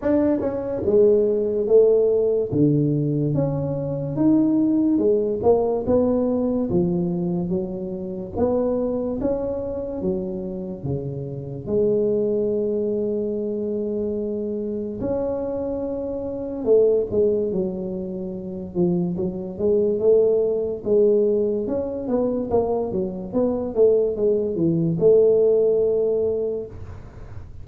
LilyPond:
\new Staff \with { instrumentName = "tuba" } { \time 4/4 \tempo 4 = 72 d'8 cis'8 gis4 a4 d4 | cis'4 dis'4 gis8 ais8 b4 | f4 fis4 b4 cis'4 | fis4 cis4 gis2~ |
gis2 cis'2 | a8 gis8 fis4. f8 fis8 gis8 | a4 gis4 cis'8 b8 ais8 fis8 | b8 a8 gis8 e8 a2 | }